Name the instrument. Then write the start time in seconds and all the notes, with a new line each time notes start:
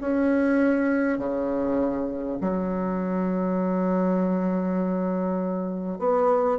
bassoon
0.00 C#4
1.18 C#3
2.40 F#3
5.98 B3